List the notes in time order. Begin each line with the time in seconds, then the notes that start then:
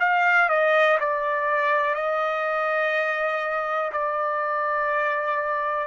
0.00 F5
0.49 D#5
1.00 D5
1.94 D#5
3.93 D5